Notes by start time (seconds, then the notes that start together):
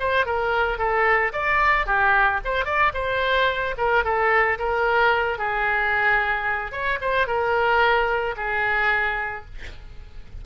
0.00 C5
0.26 A#4
0.78 A4
1.33 D5
1.86 G4
2.44 C5
2.65 D5
2.94 C5
3.78 A#4
4.04 A4
4.59 A#4
5.39 G#4
6.72 C#5
7.01 C5
7.27 A#4
8.37 G#4